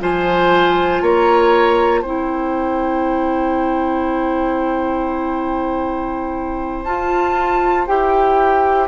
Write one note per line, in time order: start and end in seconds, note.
0.00 1.01 F3
0.00 2.03 F4
0.00 1.03 C5
0.00 1.02 G#5
1.01 2.03 A#3
1.01 2.01 C#5
1.01 2.03 A#5
2.01 6.84 C4
2.01 6.85 E4
2.01 8.88 C5
2.01 6.84 G5
6.84 7.86 F4
6.84 7.87 F4
6.84 7.86 A5
7.87 8.88 E4
7.87 8.88 G4
7.87 8.88 G5